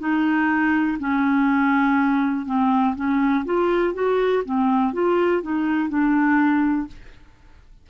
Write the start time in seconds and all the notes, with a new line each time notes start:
0.00 D#4
0.99 C#4
2.46 C4
2.96 C#4
3.45 F4
3.94 F#4
4.46 C4
4.93 F4
5.42 D#4
5.89 D4